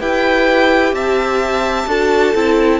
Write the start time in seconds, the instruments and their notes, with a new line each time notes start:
0.00 cello E4, viola G4, violin B4 G5
0.92 cello C4, violin E5 A5
1.87 cello D4, viola F#4, violin A4
2.34 cello C4, viola E4